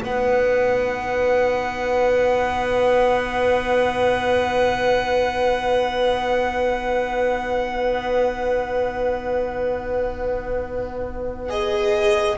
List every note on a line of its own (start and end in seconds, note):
0.00 12.38 B3
0.00 11.47 D#4
0.00 12.38 B4
0.00 11.50 F#5
11.49 12.37 G#4
11.49 12.38 D#5